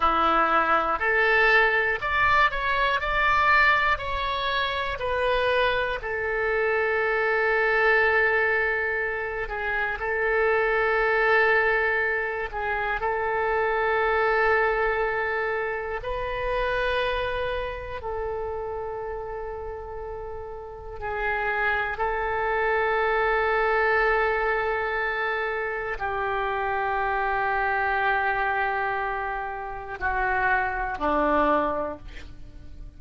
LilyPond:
\new Staff \with { instrumentName = "oboe" } { \time 4/4 \tempo 4 = 60 e'4 a'4 d''8 cis''8 d''4 | cis''4 b'4 a'2~ | a'4. gis'8 a'2~ | a'8 gis'8 a'2. |
b'2 a'2~ | a'4 gis'4 a'2~ | a'2 g'2~ | g'2 fis'4 d'4 | }